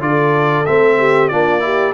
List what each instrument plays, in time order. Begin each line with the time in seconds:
0.00 tuba D3, trombone F4, horn A4, trumpet D5
0.66 tuba A3, trombone C4, trumpet E5
0.98 horn G4
1.28 tuba A#3, trombone D4, horn F4, trumpet D5
1.60 trombone E4, horn G4